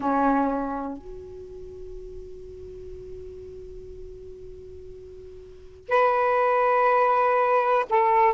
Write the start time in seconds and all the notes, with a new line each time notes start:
0.00 C#4
0.97 F#4
5.88 B4
7.90 A4